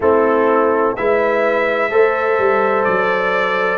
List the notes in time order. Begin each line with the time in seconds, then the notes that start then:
0.00 A3 C4 E4 A4
0.96 G#3 E4 B4 E5
1.90 A3 A4 C5
2.38 G3
2.84 F#3 D5